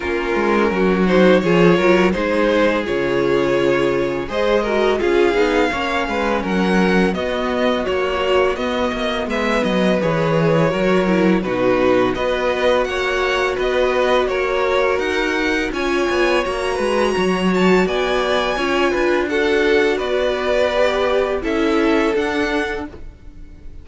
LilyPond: <<
  \new Staff \with { instrumentName = "violin" } { \time 4/4 \tempo 4 = 84 ais'4. c''8 cis''4 c''4 | cis''2 dis''4 f''4~ | f''4 fis''4 dis''4 cis''4 | dis''4 e''8 dis''8 cis''2 |
b'4 dis''4 fis''4 dis''4 | cis''4 fis''4 gis''4 ais''4~ | ais''8 a''8 gis''2 fis''4 | d''2 e''4 fis''4 | }
  \new Staff \with { instrumentName = "violin" } { \time 4/4 f'4 fis'4 gis'8 ais'8 gis'4~ | gis'2 c''8 ais'8 gis'4 | cis''8 b'8 ais'4 fis'2~ | fis'4 b'2 ais'4 |
fis'4 b'4 cis''4 b'4 | ais'2 cis''4. b'8 | cis''4 d''4 cis''8 b'8 a'4 | b'2 a'2 | }
  \new Staff \with { instrumentName = "viola" } { \time 4/4 cis'4. dis'8 f'4 dis'4 | f'2 gis'8 fis'8 f'8 dis'8 | cis'2 b4 fis4 | b2 gis'4 fis'8 e'8 |
dis'4 fis'2.~ | fis'2 f'4 fis'4~ | fis'2 f'4 fis'4~ | fis'4 g'4 e'4 d'4 | }
  \new Staff \with { instrumentName = "cello" } { \time 4/4 ais8 gis8 fis4 f8 fis8 gis4 | cis2 gis4 cis'8 b8 | ais8 gis8 fis4 b4 ais4 | b8 ais8 gis8 fis8 e4 fis4 |
b,4 b4 ais4 b4 | ais4 dis'4 cis'8 b8 ais8 gis8 | fis4 b4 cis'8 d'4. | b2 cis'4 d'4 | }
>>